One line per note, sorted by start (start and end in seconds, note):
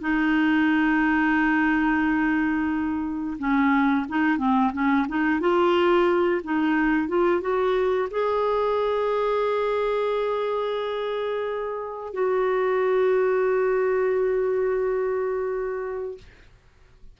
0.00 3.37 D#4
3.38 4.06 C#4
4.08 4.38 D#4
4.38 4.71 C4
4.73 5.06 C#4
5.08 5.40 D#4
5.40 6.41 F4
6.44 7.08 D#4
7.08 7.41 F4
7.41 8.08 F#4
8.10 12.13 G#4
12.13 16.17 F#4